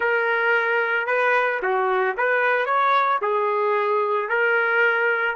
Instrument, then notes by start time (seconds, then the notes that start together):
trumpet
0.00 A#4
1.06 B4
1.62 F#4
2.17 B4
2.65 C#5
3.21 G#4
4.29 A#4